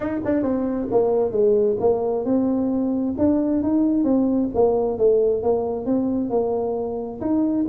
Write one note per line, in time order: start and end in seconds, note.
0.00 0.19 D#4
0.24 0.43 D4
0.43 0.88 C4
0.91 1.31 A#3
1.31 1.76 G#3
1.79 2.24 A#3
2.24 3.15 C4
3.17 3.62 D4
3.62 4.04 D#4
4.04 4.49 C4
4.54 4.97 A#3
4.97 5.43 A3
5.43 5.85 A#3
5.85 6.30 C4
6.30 7.20 A#3
7.20 7.65 D#4